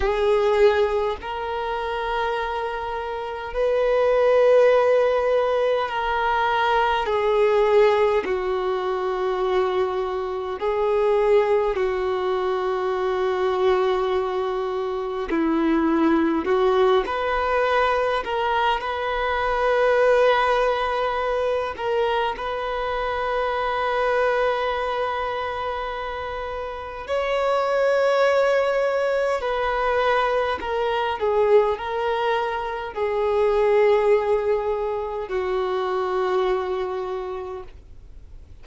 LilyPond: \new Staff \with { instrumentName = "violin" } { \time 4/4 \tempo 4 = 51 gis'4 ais'2 b'4~ | b'4 ais'4 gis'4 fis'4~ | fis'4 gis'4 fis'2~ | fis'4 e'4 fis'8 b'4 ais'8 |
b'2~ b'8 ais'8 b'4~ | b'2. cis''4~ | cis''4 b'4 ais'8 gis'8 ais'4 | gis'2 fis'2 | }